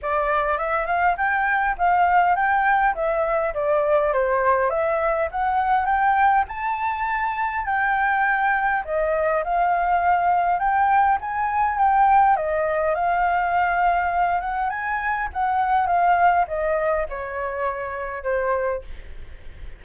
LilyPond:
\new Staff \with { instrumentName = "flute" } { \time 4/4 \tempo 4 = 102 d''4 e''8 f''8 g''4 f''4 | g''4 e''4 d''4 c''4 | e''4 fis''4 g''4 a''4~ | a''4 g''2 dis''4 |
f''2 g''4 gis''4 | g''4 dis''4 f''2~ | f''8 fis''8 gis''4 fis''4 f''4 | dis''4 cis''2 c''4 | }